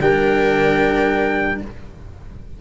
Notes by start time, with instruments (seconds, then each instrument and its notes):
0.00 tuba G3, cello D4, viola A#4, trumpet G5